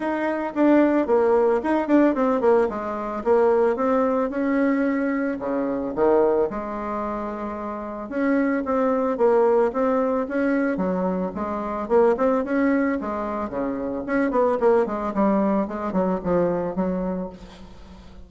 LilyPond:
\new Staff \with { instrumentName = "bassoon" } { \time 4/4 \tempo 4 = 111 dis'4 d'4 ais4 dis'8 d'8 | c'8 ais8 gis4 ais4 c'4 | cis'2 cis4 dis4 | gis2. cis'4 |
c'4 ais4 c'4 cis'4 | fis4 gis4 ais8 c'8 cis'4 | gis4 cis4 cis'8 b8 ais8 gis8 | g4 gis8 fis8 f4 fis4 | }